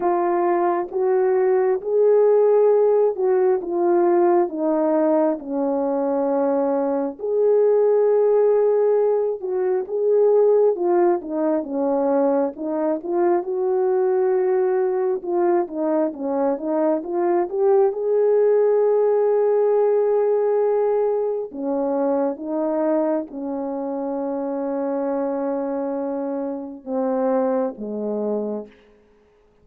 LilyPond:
\new Staff \with { instrumentName = "horn" } { \time 4/4 \tempo 4 = 67 f'4 fis'4 gis'4. fis'8 | f'4 dis'4 cis'2 | gis'2~ gis'8 fis'8 gis'4 | f'8 dis'8 cis'4 dis'8 f'8 fis'4~ |
fis'4 f'8 dis'8 cis'8 dis'8 f'8 g'8 | gis'1 | cis'4 dis'4 cis'2~ | cis'2 c'4 gis4 | }